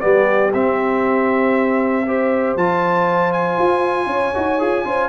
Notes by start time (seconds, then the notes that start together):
0.00 G3 B3 G4 D5
0.53 C4 E5
2.06 G4 C5
2.56 F3 F4 A5
3.32 G#5
3.58 F4
4.06 C#4 C#5
4.34 D#4 F#4
4.58 F4 G#4
4.84 C#4 F4 C5